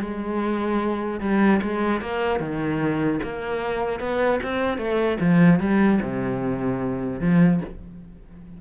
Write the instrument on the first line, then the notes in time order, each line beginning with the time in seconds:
cello
0.00 G#3
1.20 G3
1.62 G#3
2.01 A#3
2.40 D#3
3.23 A#3
3.99 B3
4.42 C4
4.78 A3
5.20 F3
5.60 G3
6.02 C3
7.20 F3